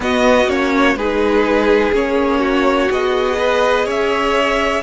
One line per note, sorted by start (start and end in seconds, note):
0.00 0.47 B3
0.00 0.48 B3
0.00 0.97 F#4
0.00 0.49 D#5
0.47 0.95 A#3
0.47 0.97 C#4
0.47 0.96 C#5
0.95 1.92 G#3
0.95 1.93 D#4
0.95 2.39 G#4
0.95 1.93 B4
1.92 2.89 A#3
1.92 2.89 C#4
1.92 2.91 C#5
2.39 3.36 F#4
2.89 3.85 B3
2.89 4.83 G#4
2.89 3.88 D#5
3.37 3.85 B4
3.85 4.82 C#4
3.85 4.81 C#5
3.85 4.83 E5